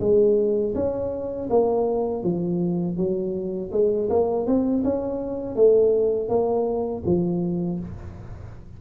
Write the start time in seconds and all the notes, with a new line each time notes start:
0.00 G#3
0.75 C#4
1.49 A#3
2.23 F3
2.97 F#3
3.72 G#3
4.10 A#3
4.46 C4
4.84 C#4
5.56 A3
6.29 A#3
7.05 F3